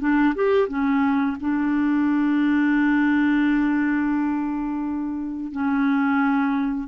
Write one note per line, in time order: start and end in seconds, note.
0.00 0.34 D4
0.35 0.68 G4
0.68 1.37 C#4
1.40 5.52 D4
5.52 6.88 C#4